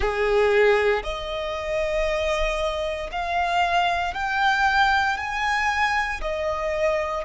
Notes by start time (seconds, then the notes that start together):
0.00 G#4
1.03 D#5
3.11 F5
4.14 G5
5.17 G#5
6.21 D#5